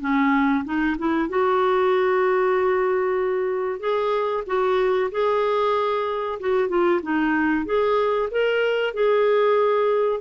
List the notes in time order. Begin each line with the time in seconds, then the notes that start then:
0.00 C#4
0.64 D#4
0.98 E4
1.29 F#4
3.79 G#4
4.47 F#4
5.11 G#4
6.39 F#4
6.68 F4
7.02 D#4
7.65 G#4
8.31 A#4
8.93 G#4